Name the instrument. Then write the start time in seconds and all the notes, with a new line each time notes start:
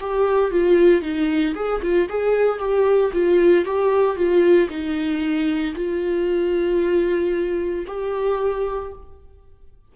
viola
0.00 G4
0.50 F4
1.01 D#4
1.55 G#4
1.82 F4
2.09 G#4
2.58 G4
3.12 F4
3.65 G4
4.16 F4
4.69 D#4
5.75 F4
7.87 G4